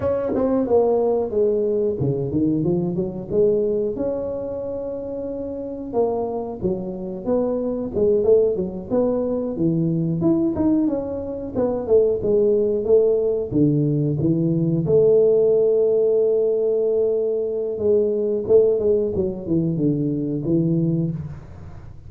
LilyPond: \new Staff \with { instrumentName = "tuba" } { \time 4/4 \tempo 4 = 91 cis'8 c'8 ais4 gis4 cis8 dis8 | f8 fis8 gis4 cis'2~ | cis'4 ais4 fis4 b4 | gis8 a8 fis8 b4 e4 e'8 |
dis'8 cis'4 b8 a8 gis4 a8~ | a8 d4 e4 a4.~ | a2. gis4 | a8 gis8 fis8 e8 d4 e4 | }